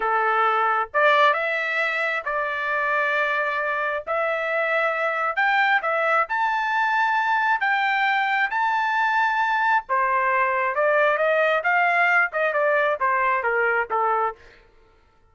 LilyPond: \new Staff \with { instrumentName = "trumpet" } { \time 4/4 \tempo 4 = 134 a'2 d''4 e''4~ | e''4 d''2.~ | d''4 e''2. | g''4 e''4 a''2~ |
a''4 g''2 a''4~ | a''2 c''2 | d''4 dis''4 f''4. dis''8 | d''4 c''4 ais'4 a'4 | }